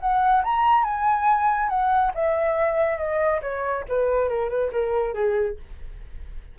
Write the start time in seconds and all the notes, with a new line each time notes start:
0.00 F#5
0.43 A#5
0.84 G#5
1.69 F#5
2.14 E5
2.98 D#5
3.42 C#5
3.88 B4
4.28 A#4
4.49 B4
4.72 A#4
5.14 G#4